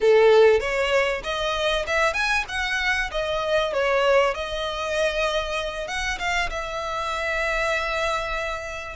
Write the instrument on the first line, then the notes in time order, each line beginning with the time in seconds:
violin
0.01 A4
0.60 C#5
1.23 D#5
1.86 E5
2.13 G#5
2.48 F#5
3.11 D#5
3.73 C#5
4.34 D#5
5.87 F#5
6.18 F5
6.49 E5